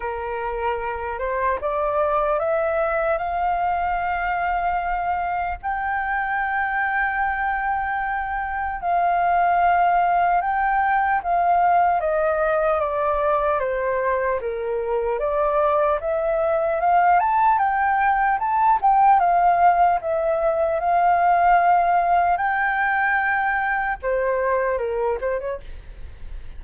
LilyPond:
\new Staff \with { instrumentName = "flute" } { \time 4/4 \tempo 4 = 75 ais'4. c''8 d''4 e''4 | f''2. g''4~ | g''2. f''4~ | f''4 g''4 f''4 dis''4 |
d''4 c''4 ais'4 d''4 | e''4 f''8 a''8 g''4 a''8 g''8 | f''4 e''4 f''2 | g''2 c''4 ais'8 c''16 cis''16 | }